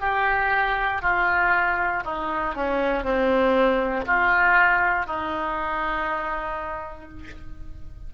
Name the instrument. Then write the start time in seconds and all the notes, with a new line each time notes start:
oboe
0.00 G4
1.01 F4
2.05 D#4
2.55 C#4
3.03 C4
4.05 F4
5.06 D#4